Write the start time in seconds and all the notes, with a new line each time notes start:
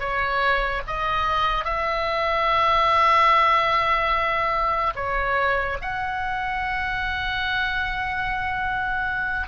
0.00 C#5
0.87 D#5
1.65 E5
4.95 C#5
5.82 F#5